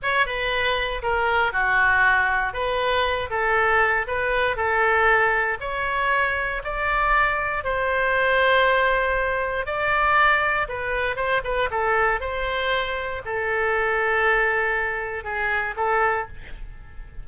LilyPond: \new Staff \with { instrumentName = "oboe" } { \time 4/4 \tempo 4 = 118 cis''8 b'4. ais'4 fis'4~ | fis'4 b'4. a'4. | b'4 a'2 cis''4~ | cis''4 d''2 c''4~ |
c''2. d''4~ | d''4 b'4 c''8 b'8 a'4 | c''2 a'2~ | a'2 gis'4 a'4 | }